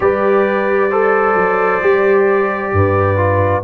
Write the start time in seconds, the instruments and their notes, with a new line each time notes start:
0.00 tuba G3, trombone G4, horn B4, trumpet D5
0.90 trombone A4, horn C5
1.34 tuba F#3
1.81 tuba G3, trombone G4
2.72 tuba G2, horn B4
3.16 trombone F4